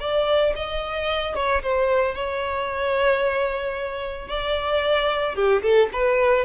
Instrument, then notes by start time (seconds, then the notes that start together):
violin
0.00 D5
0.56 D#5
1.35 C#5
1.62 C5
2.15 C#5
4.28 D5
5.35 G4
5.62 A4
5.93 B4